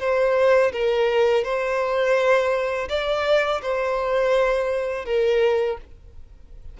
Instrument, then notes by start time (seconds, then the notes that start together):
violin
0.00 C5
0.73 A#4
1.44 C5
2.89 D5
3.62 C5
5.06 A#4